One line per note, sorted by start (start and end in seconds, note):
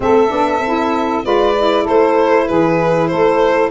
0.00 0.31 A3
0.00 0.28 C4
0.00 1.24 A4
0.00 1.25 E5
0.28 0.60 B3
0.28 0.59 D4
0.60 1.22 C4
0.60 1.23 E4
1.23 1.86 G#3
1.23 1.54 F4
1.23 1.83 B4
1.23 1.87 D5
1.56 3.71 E4
1.83 2.49 A3
1.83 2.44 A4
1.83 2.47 C5
2.47 3.12 E3
2.47 3.09 G#4
2.47 3.07 B4
3.07 3.71 A3
3.07 3.71 A4
3.07 3.69 C5